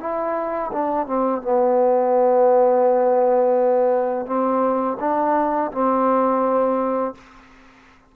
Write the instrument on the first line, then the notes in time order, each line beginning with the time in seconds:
trombone
0.00 E4
0.72 D4
1.07 C4
1.42 B3
4.26 C4
5.00 D4
5.72 C4